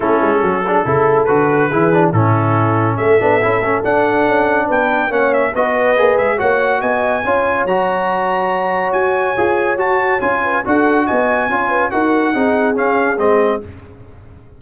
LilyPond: <<
  \new Staff \with { instrumentName = "trumpet" } { \time 4/4 \tempo 4 = 141 a'2. b'4~ | b'4 a'2 e''4~ | e''4 fis''2 g''4 | fis''8 e''8 dis''4. e''8 fis''4 |
gis''2 ais''2~ | ais''4 gis''2 a''4 | gis''4 fis''4 gis''2 | fis''2 f''4 dis''4 | }
  \new Staff \with { instrumentName = "horn" } { \time 4/4 e'4 fis'8 gis'8 a'2 | gis'4 e'2 a'4~ | a'2. b'4 | cis''4 b'2 cis''4 |
dis''4 cis''2.~ | cis''1~ | cis''8 b'8 a'4 dis''4 cis''8 b'8 | ais'4 gis'2. | }
  \new Staff \with { instrumentName = "trombone" } { \time 4/4 cis'4. d'8 e'4 fis'4 | e'8 d'8 cis'2~ cis'8 d'8 | e'8 cis'8 d'2. | cis'4 fis'4 gis'4 fis'4~ |
fis'4 f'4 fis'2~ | fis'2 gis'4 fis'4 | f'4 fis'2 f'4 | fis'4 dis'4 cis'4 c'4 | }
  \new Staff \with { instrumentName = "tuba" } { \time 4/4 a8 gis8 fis4 cis4 d4 | e4 a,2 a8 b8 | cis'8 a8 d'4 cis'4 b4 | ais4 b4 ais8 gis8 ais4 |
b4 cis'4 fis2~ | fis4 fis'4 f'4 fis'4 | cis'4 d'4 b4 cis'4 | dis'4 c'4 cis'4 gis4 | }
>>